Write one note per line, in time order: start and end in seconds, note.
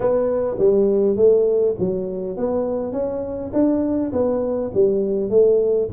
0.00 0.57 B3
0.58 1.16 G3
1.16 1.75 A3
1.79 2.37 F#3
2.37 2.92 B3
2.92 3.51 C#4
3.53 4.12 D4
4.12 4.71 B3
4.74 5.29 G3
5.29 5.88 A3